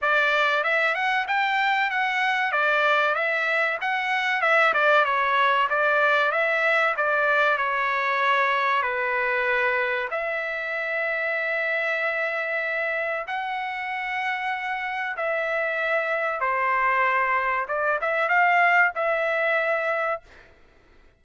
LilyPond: \new Staff \with { instrumentName = "trumpet" } { \time 4/4 \tempo 4 = 95 d''4 e''8 fis''8 g''4 fis''4 | d''4 e''4 fis''4 e''8 d''8 | cis''4 d''4 e''4 d''4 | cis''2 b'2 |
e''1~ | e''4 fis''2. | e''2 c''2 | d''8 e''8 f''4 e''2 | }